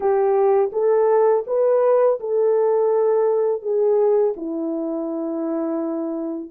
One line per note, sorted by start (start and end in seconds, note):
0.00 0.70 G4
0.72 1.44 A4
1.46 2.19 B4
2.20 3.61 A4
3.61 4.34 G#4
4.36 6.50 E4